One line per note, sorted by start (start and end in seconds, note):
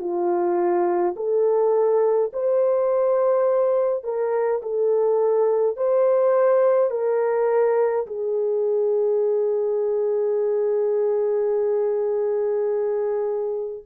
0.00 1.15 F4
1.16 2.32 A4
2.33 4.04 C5
4.04 4.62 A#4
4.63 5.77 A4
5.77 6.91 C5
6.91 8.07 A#4
8.07 13.84 G#4